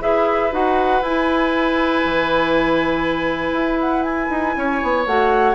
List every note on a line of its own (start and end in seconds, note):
0.00 0.53 E4
0.00 0.50 G#4
0.00 4.57 B4
0.00 0.52 E5
0.52 1.02 D#4
0.52 1.02 F#4
0.52 1.03 F#5
1.02 2.03 E4
1.02 5.08 E4
1.02 3.80 G#5
2.05 3.53 E3
3.53 4.28 E4
3.81 4.03 F#5
4.03 5.04 G#5
4.30 4.56 D#4
4.57 4.82 C#4
4.57 5.55 C#5
4.83 5.07 B3
5.07 5.55 A3
5.07 5.55 F#4
5.07 5.55 F#5